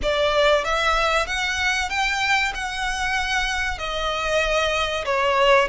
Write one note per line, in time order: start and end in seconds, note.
0.02 0.64 D5
0.64 1.26 E5
1.26 1.89 F#5
1.89 2.52 G5
2.54 3.78 F#5
3.78 5.04 D#5
5.05 5.68 C#5